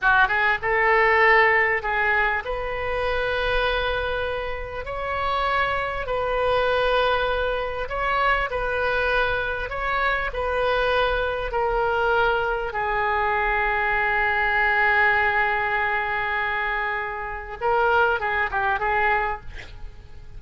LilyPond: \new Staff \with { instrumentName = "oboe" } { \time 4/4 \tempo 4 = 99 fis'8 gis'8 a'2 gis'4 | b'1 | cis''2 b'2~ | b'4 cis''4 b'2 |
cis''4 b'2 ais'4~ | ais'4 gis'2.~ | gis'1~ | gis'4 ais'4 gis'8 g'8 gis'4 | }